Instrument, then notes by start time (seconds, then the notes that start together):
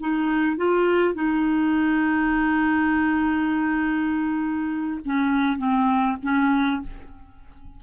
clarinet
0.00 D#4
0.57 F4
1.14 D#4
5.05 C#4
5.58 C4
6.23 C#4